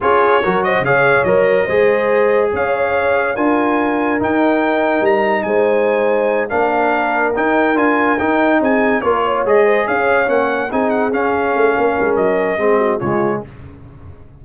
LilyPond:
<<
  \new Staff \with { instrumentName = "trumpet" } { \time 4/4 \tempo 4 = 143 cis''4. dis''8 f''4 dis''4~ | dis''2 f''2 | gis''2 g''2 | ais''4 gis''2~ gis''8 f''8~ |
f''4. g''4 gis''4 g''8~ | g''8 gis''4 cis''4 dis''4 f''8~ | f''8 fis''4 gis''8 fis''8 f''4.~ | f''4 dis''2 cis''4 | }
  \new Staff \with { instrumentName = "horn" } { \time 4/4 gis'4 ais'8 c''8 cis''2 | c''2 cis''2 | ais'1~ | ais'4 c''2~ c''8 ais'8~ |
ais'1~ | ais'8 gis'4 ais'8 cis''4 c''8 cis''8~ | cis''4. gis'2~ gis'8 | ais'2 gis'8 fis'8 f'4 | }
  \new Staff \with { instrumentName = "trombone" } { \time 4/4 f'4 fis'4 gis'4 ais'4 | gis'1 | f'2 dis'2~ | dis'2.~ dis'8 d'8~ |
d'4. dis'4 f'4 dis'8~ | dis'4. f'4 gis'4.~ | gis'8 cis'4 dis'4 cis'4.~ | cis'2 c'4 gis4 | }
  \new Staff \with { instrumentName = "tuba" } { \time 4/4 cis'4 fis4 cis4 fis4 | gis2 cis'2 | d'2 dis'2 | g4 gis2~ gis8 ais8~ |
ais4. dis'4 d'4 dis'8~ | dis'8 c'4 ais4 gis4 cis'8~ | cis'8 ais4 c'4 cis'4 a8 | ais8 gis8 fis4 gis4 cis4 | }
>>